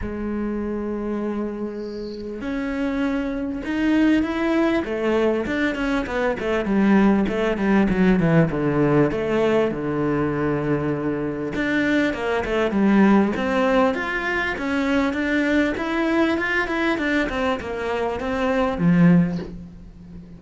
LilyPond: \new Staff \with { instrumentName = "cello" } { \time 4/4 \tempo 4 = 99 gis1 | cis'2 dis'4 e'4 | a4 d'8 cis'8 b8 a8 g4 | a8 g8 fis8 e8 d4 a4 |
d2. d'4 | ais8 a8 g4 c'4 f'4 | cis'4 d'4 e'4 f'8 e'8 | d'8 c'8 ais4 c'4 f4 | }